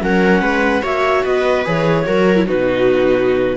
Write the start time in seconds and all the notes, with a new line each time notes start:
0.00 F#3 C#4 A#4 F#5
0.41 G#3 B4
0.82 A#3 F#4 C#5 E5
1.24 B3 B4 D#5
1.65 E3 G#4 C#5
2.06 F#3 F#4 A#4
2.36 E4
2.45 B2 D#4 F#4 B4